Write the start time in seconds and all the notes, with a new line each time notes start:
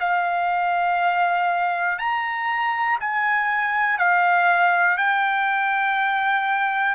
0.00 F5
1.99 A#5
3.00 G#5
3.99 F5
4.98 G5